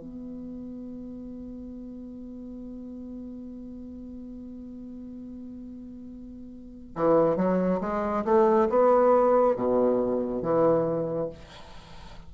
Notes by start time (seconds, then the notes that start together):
0.00 B3
6.96 E3
7.37 F#3
7.81 G#3
8.25 A3
8.70 B3
9.56 B2
10.43 E3